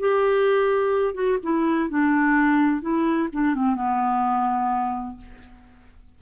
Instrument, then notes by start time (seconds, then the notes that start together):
clarinet
0.00 G4
1.15 F#4
1.43 E4
1.90 D4
2.82 E4
3.33 D4
3.55 C4
3.76 B3